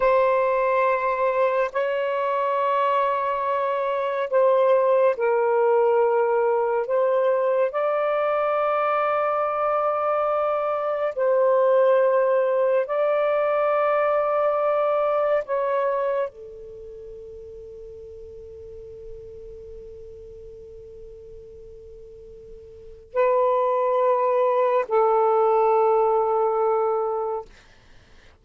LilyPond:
\new Staff \with { instrumentName = "saxophone" } { \time 4/4 \tempo 4 = 70 c''2 cis''2~ | cis''4 c''4 ais'2 | c''4 d''2.~ | d''4 c''2 d''4~ |
d''2 cis''4 a'4~ | a'1~ | a'2. b'4~ | b'4 a'2. | }